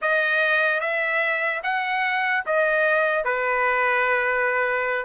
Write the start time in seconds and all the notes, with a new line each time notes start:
0.01 D#5
0.80 E5
1.63 F#5
2.46 D#5
3.24 B4